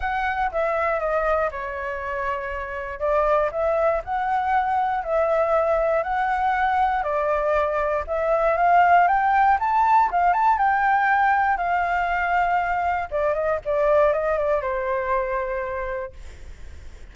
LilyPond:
\new Staff \with { instrumentName = "flute" } { \time 4/4 \tempo 4 = 119 fis''4 e''4 dis''4 cis''4~ | cis''2 d''4 e''4 | fis''2 e''2 | fis''2 d''2 |
e''4 f''4 g''4 a''4 | f''8 a''8 g''2 f''4~ | f''2 d''8 dis''8 d''4 | dis''8 d''8 c''2. | }